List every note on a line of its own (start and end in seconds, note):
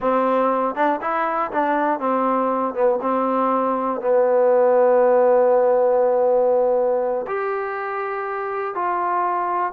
0.00 0.75 C4
0.75 1.00 D4
1.01 1.51 E4
1.51 1.99 D4
1.99 2.74 C4
2.74 2.99 B3
3.01 4.00 C4
4.00 7.25 B3
7.27 8.74 G4
8.74 9.72 F4